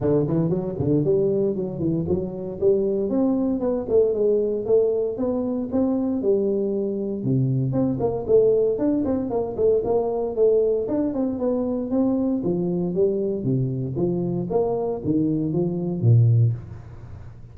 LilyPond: \new Staff \with { instrumentName = "tuba" } { \time 4/4 \tempo 4 = 116 d8 e8 fis8 d8 g4 fis8 e8 | fis4 g4 c'4 b8 a8 | gis4 a4 b4 c'4 | g2 c4 c'8 ais8 |
a4 d'8 c'8 ais8 a8 ais4 | a4 d'8 c'8 b4 c'4 | f4 g4 c4 f4 | ais4 dis4 f4 ais,4 | }